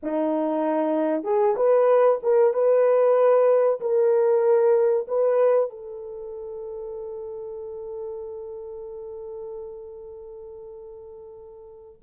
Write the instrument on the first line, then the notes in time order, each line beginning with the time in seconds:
horn
0.02 D#4
1.23 G#4
1.56 B4
2.22 A#4
2.53 B4
3.80 A#4
5.07 B4
5.70 A4